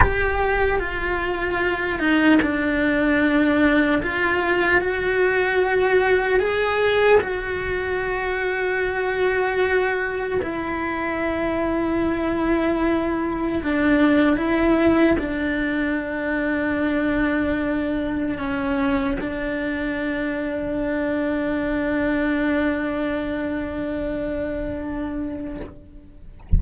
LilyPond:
\new Staff \with { instrumentName = "cello" } { \time 4/4 \tempo 4 = 75 g'4 f'4. dis'8 d'4~ | d'4 f'4 fis'2 | gis'4 fis'2.~ | fis'4 e'2.~ |
e'4 d'4 e'4 d'4~ | d'2. cis'4 | d'1~ | d'1 | }